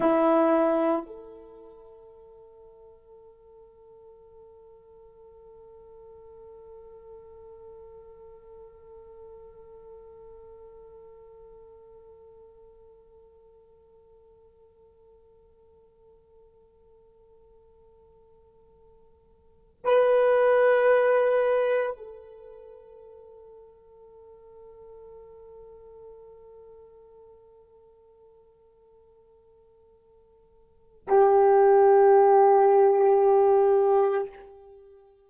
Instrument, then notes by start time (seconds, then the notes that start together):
horn
0.00 E4
1.06 A4
19.84 B4
21.96 A4
31.07 G4